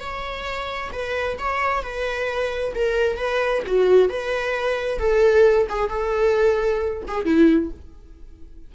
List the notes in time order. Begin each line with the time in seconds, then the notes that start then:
0.00 C#5
0.93 B4
1.39 C#5
1.83 B4
2.75 A#4
3.17 B4
3.66 F#4
4.09 B4
4.99 A4
5.69 G#4
5.89 A4
7.07 G#4
7.25 E4